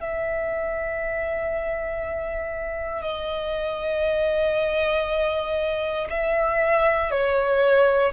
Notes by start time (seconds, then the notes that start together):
0.00 E5
3.02 D#5
6.10 E5
7.11 C#5